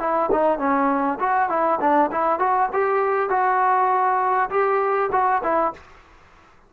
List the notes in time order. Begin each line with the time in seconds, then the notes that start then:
0.00 E4
0.32 D#4
0.59 C#4
1.20 F#4
1.50 E4
1.81 D4
2.12 E4
2.40 F#4
2.73 G4
3.30 F#4
4.51 G4
5.12 F#4
5.44 E4